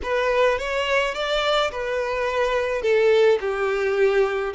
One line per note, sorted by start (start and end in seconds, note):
0.02 0.58 B4
0.58 1.14 C#5
1.14 1.71 D5
1.71 2.81 B4
2.81 3.38 A4
3.40 4.53 G4